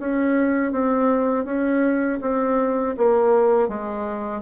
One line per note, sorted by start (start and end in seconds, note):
0.00 0.72 C#4
0.72 1.45 C4
1.45 2.19 C#4
2.22 2.96 C4
2.98 3.69 A#3
3.69 4.42 G#3